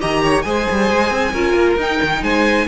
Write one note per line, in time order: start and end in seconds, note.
0.00 0.45 D#3
0.00 0.44 G4
0.00 0.22 D#5
0.00 0.42 A#5
0.23 0.45 C#5
0.42 0.67 G#3
0.42 1.34 G#4
0.42 1.32 C5
0.42 1.75 G#5
0.71 0.91 G3
0.91 1.11 G#3
1.11 1.33 C4
1.32 1.54 C#4
1.32 1.79 F4
1.32 2.21 A#4
1.54 1.76 A#3
1.76 1.99 D#4
1.76 2.68 D#4
1.76 2.23 G5
2.03 2.23 D#3
2.23 2.67 G#3
2.23 2.67 C5
2.23 2.68 G#5